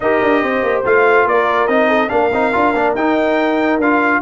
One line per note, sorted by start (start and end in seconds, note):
0.00 0.21 D#4
0.00 0.85 G4
0.00 0.42 A#4
0.00 0.82 D#5
0.21 0.42 D4
0.42 0.62 C4
0.42 1.26 C5
0.62 0.84 A#3
0.85 1.26 A3
0.85 1.68 F4
0.85 1.28 F5
1.26 1.67 A#3
1.26 1.88 A#4
1.26 1.67 D5
1.67 2.10 C4
1.67 2.09 D#4
1.67 2.09 D#5
1.88 2.09 A4
2.09 2.32 A#3
2.09 2.30 D4
2.09 4.22 A#4
2.09 2.93 F5
2.32 2.53 C4
2.32 2.52 D#4
2.52 2.74 D4
2.52 2.73 F4
2.74 2.94 A#3
2.74 2.96 D4
2.94 3.78 D#4
2.94 3.81 D#4
2.94 3.79 G5
3.78 4.20 D4
3.78 4.22 F4
3.78 4.22 F5